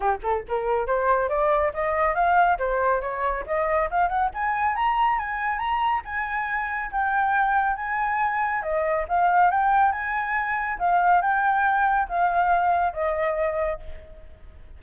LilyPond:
\new Staff \with { instrumentName = "flute" } { \time 4/4 \tempo 4 = 139 g'8 a'8 ais'4 c''4 d''4 | dis''4 f''4 c''4 cis''4 | dis''4 f''8 fis''8 gis''4 ais''4 | gis''4 ais''4 gis''2 |
g''2 gis''2 | dis''4 f''4 g''4 gis''4~ | gis''4 f''4 g''2 | f''2 dis''2 | }